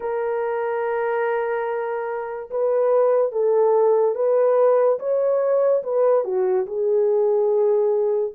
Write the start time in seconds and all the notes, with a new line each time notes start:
0.00 A#4
2.50 B4
3.31 A4
4.15 B4
4.99 C#5
5.83 B4
6.24 F#4
6.66 G#4